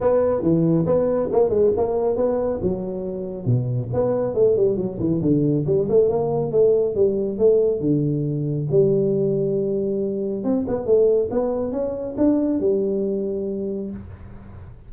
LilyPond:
\new Staff \with { instrumentName = "tuba" } { \time 4/4 \tempo 4 = 138 b4 e4 b4 ais8 gis8 | ais4 b4 fis2 | b,4 b4 a8 g8 fis8 e8 | d4 g8 a8 ais4 a4 |
g4 a4 d2 | g1 | c'8 b8 a4 b4 cis'4 | d'4 g2. | }